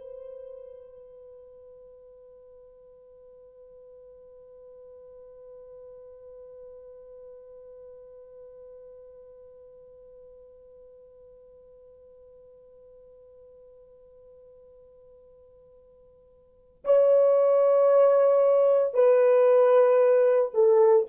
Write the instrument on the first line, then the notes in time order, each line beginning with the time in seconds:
horn
0.00 B4
16.85 C#5
18.94 B4
20.54 A4